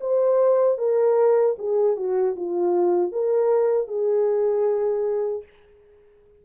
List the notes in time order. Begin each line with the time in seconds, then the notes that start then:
0.00 C5
0.78 A#4
1.58 G#4
1.96 F#4
2.36 F4
3.11 A#4
3.87 G#4